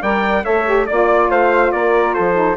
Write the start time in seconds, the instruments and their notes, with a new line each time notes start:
0.00 bassoon G3, saxophone A#4, flute D5, trumpet G5
0.44 bassoon A3, saxophone A4, flute C#5, trumpet E5
0.65 saxophone G4
0.86 bassoon A#3, saxophone F4, trumpet D5, flute D5
1.29 bassoon A3, flute C5, trumpet F5
1.72 bassoon A#3, flute A#4, trumpet D5
2.14 bassoon F3, flute A4, trumpet C5
2.34 saxophone D#4